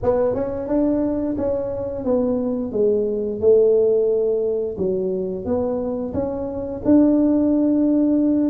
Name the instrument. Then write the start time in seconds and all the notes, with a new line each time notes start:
tuba
0.02 B3
0.34 C#4
0.68 D4
1.37 C#4
2.04 B3
2.72 G#3
3.40 A3
4.77 F#3
5.45 B3
6.13 C#4
6.84 D4